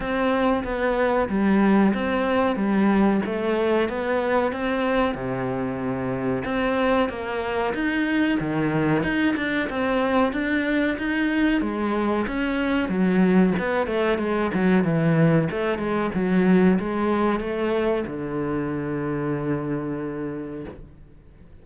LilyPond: \new Staff \with { instrumentName = "cello" } { \time 4/4 \tempo 4 = 93 c'4 b4 g4 c'4 | g4 a4 b4 c'4 | c2 c'4 ais4 | dis'4 dis4 dis'8 d'8 c'4 |
d'4 dis'4 gis4 cis'4 | fis4 b8 a8 gis8 fis8 e4 | a8 gis8 fis4 gis4 a4 | d1 | }